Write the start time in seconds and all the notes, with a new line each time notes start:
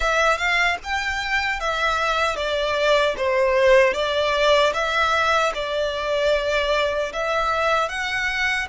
0.00 E5
0.37 F5
0.83 G5
1.60 E5
2.36 D5
3.17 C5
3.93 D5
4.73 E5
5.54 D5
7.12 E5
7.88 F#5